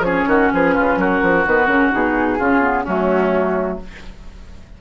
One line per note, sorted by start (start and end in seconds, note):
0.00 0.23 F3
0.00 1.46 C#4
0.00 0.29 G#4
0.00 0.50 C#5
0.27 0.51 D#3
0.27 0.52 F#4
0.53 0.77 F3
0.53 0.75 G#4
0.53 0.99 B4
0.75 0.97 C#3
0.75 0.98 F4
0.97 1.20 F#3
0.97 2.39 F#4
0.97 1.46 A#4
1.23 1.46 F3
1.47 1.67 D#3
1.47 1.68 B3
1.47 1.67 B4
1.67 1.91 C#3
1.67 1.92 C#4
1.67 1.90 A#4
1.92 2.40 B2
1.92 2.38 D#4
1.92 2.85 G#4
2.39 2.86 C#3
2.39 2.62 C#4
2.39 2.84 F4
2.62 2.85 B3
2.84 3.81 F#3
2.84 3.81 A3
2.84 3.78 C#4
2.84 3.79 F#4